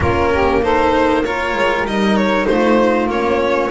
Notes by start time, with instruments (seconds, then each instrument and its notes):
0.00 double bass A#3, cello C#4, saxophone F4, violin A#4
0.32 saxophone G4
0.62 cello D#4, saxophone A4, violin C5
1.23 cello F4, saxophone A#4, violin C#5
1.53 double bass G#3
1.84 double bass G3, cello D#4, violin D#5
2.16 violin C#5
2.45 double bass A3, saxophone F4, violin C5
3.06 double bass A#3, cello C#4, violin C#5